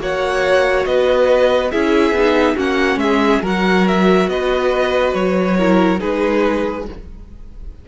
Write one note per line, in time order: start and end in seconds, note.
0.00 0.86 A#3
0.00 1.71 F#4
0.00 0.87 C#5
0.00 0.86 F#5
0.86 1.72 B3
0.86 1.72 B4
0.86 1.72 D#5
1.72 2.12 C#4
1.72 2.15 E4
1.72 2.57 G#4
1.72 2.57 E5
2.12 2.55 B3
2.12 2.57 D#4
2.57 2.97 A#3
2.57 3.43 C#4
2.57 2.99 F#4
2.57 2.99 F#5
2.97 3.39 G#3
2.97 3.43 G#4
2.97 3.42 E5
3.43 4.28 F#3
3.43 5.57 F#4
3.43 4.29 A#4
3.43 3.88 F#5
3.88 4.30 E5
4.28 5.14 B3
4.28 5.58 B4
4.28 5.14 D#5
5.14 6.00 F#3
5.14 6.00 C#5
5.58 5.99 E4
5.58 6.01 A#4
5.99 6.89 G#3
5.99 6.85 D#4
5.99 6.86 G#4
5.99 6.87 B4